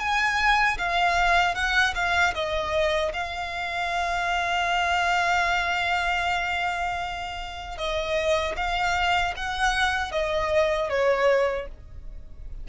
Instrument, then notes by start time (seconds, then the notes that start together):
violin
0.00 G#5
0.78 F5
1.55 F#5
1.95 F5
2.35 D#5
3.13 F5
7.78 D#5
8.56 F5
9.36 F#5
10.12 D#5
10.90 C#5